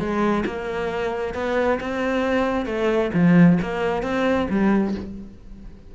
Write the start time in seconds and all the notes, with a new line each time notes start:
0.00 G#3
0.46 A#3
1.35 B3
1.81 C4
2.66 A3
3.14 F3
3.62 A#3
4.03 C4
4.50 G3